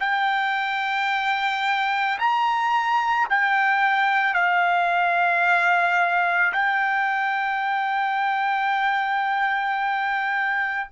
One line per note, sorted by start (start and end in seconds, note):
0.00 2.18 G5
2.19 3.28 A#5
3.29 4.34 G5
4.34 6.52 F5
6.53 10.89 G5